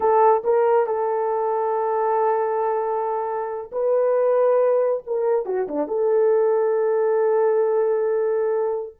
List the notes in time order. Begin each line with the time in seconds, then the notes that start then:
0.00 A4
0.44 A#4
0.86 A4
3.71 B4
5.06 A#4
5.45 F#4
5.68 D4
5.87 A4